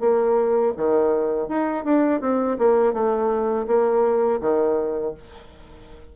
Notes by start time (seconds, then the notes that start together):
0.00 A#3
0.77 D#3
1.48 D#4
1.85 D4
2.21 C4
2.58 A#3
2.93 A3
3.67 A#3
4.41 D#3